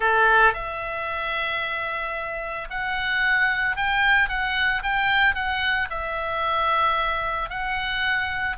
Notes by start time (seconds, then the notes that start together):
0.00 A4
0.53 E5
2.70 F#5
3.76 G5
4.28 F#5
4.82 G5
5.34 F#5
5.90 E5
7.49 F#5